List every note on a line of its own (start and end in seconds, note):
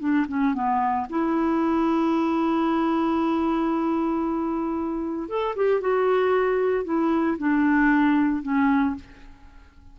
0.00 0.26 D4
0.28 0.54 C#4
0.54 1.07 B3
1.10 5.29 E4
5.29 5.56 A4
5.56 5.81 G4
5.81 6.85 F#4
6.85 7.37 E4
7.38 8.43 D4
8.43 8.95 C#4